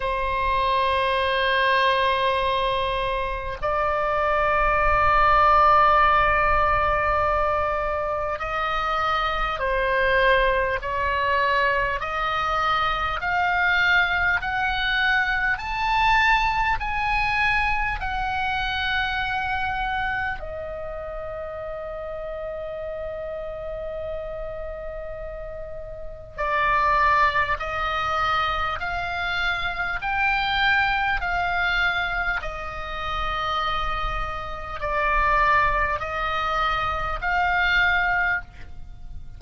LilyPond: \new Staff \with { instrumentName = "oboe" } { \time 4/4 \tempo 4 = 50 c''2. d''4~ | d''2. dis''4 | c''4 cis''4 dis''4 f''4 | fis''4 a''4 gis''4 fis''4~ |
fis''4 dis''2.~ | dis''2 d''4 dis''4 | f''4 g''4 f''4 dis''4~ | dis''4 d''4 dis''4 f''4 | }